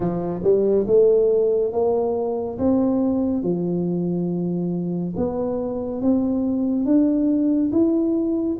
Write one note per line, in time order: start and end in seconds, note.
0.00 0.41 F3
0.43 0.86 G3
0.86 1.72 A3
1.72 2.58 A#3
2.58 3.42 C4
3.42 5.14 F3
5.16 6.01 B3
6.01 6.85 C4
6.85 7.71 D4
7.71 8.57 E4